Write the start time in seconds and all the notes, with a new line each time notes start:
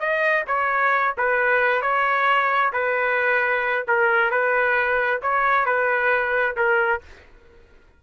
0.00 D#5
0.48 C#5
1.18 B4
1.82 C#5
2.73 B4
3.88 A#4
4.31 B4
5.22 C#5
5.66 B4
6.57 A#4